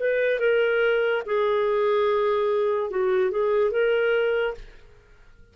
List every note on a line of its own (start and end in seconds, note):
0.00 0.40 B4
0.40 1.23 A#4
1.26 2.91 G#4
2.91 3.31 F#4
3.31 3.71 G#4
3.71 4.55 A#4